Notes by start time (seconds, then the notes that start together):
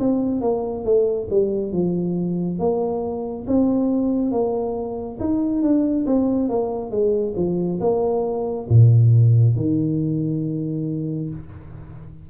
0.00 C4
0.42 A#3
0.85 A3
1.31 G3
1.73 F3
2.59 A#3
3.47 C4
4.32 A#3
5.20 D#4
5.62 D4
6.07 C4
6.49 A#3
6.91 G#3
7.37 F3
7.81 A#3
8.70 A#2
9.56 D#3